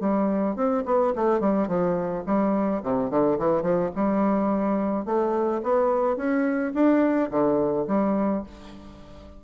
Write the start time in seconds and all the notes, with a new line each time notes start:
0.00 G3
0.56 C4
0.85 B3
1.15 A3
1.40 G3
1.68 F3
2.26 G3
2.83 C3
3.10 D3
3.38 E3
3.62 F3
3.95 G3
5.05 A3
5.63 B3
6.16 C#4
6.74 D4
7.30 D3
7.87 G3